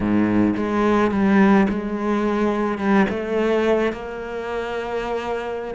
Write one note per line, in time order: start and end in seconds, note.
0.00 0.55 G#2
0.56 1.11 G#3
1.11 1.67 G3
1.69 2.78 G#3
2.78 3.06 G3
3.09 3.92 A3
3.92 5.74 A#3